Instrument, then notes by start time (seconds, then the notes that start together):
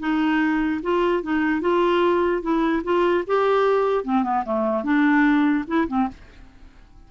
clarinet
0.00 D#4
0.83 F4
1.23 D#4
1.61 F4
2.42 E4
2.84 F4
3.27 G4
4.04 C4
4.24 B3
4.45 A3
4.84 D4
5.67 E4
5.88 C4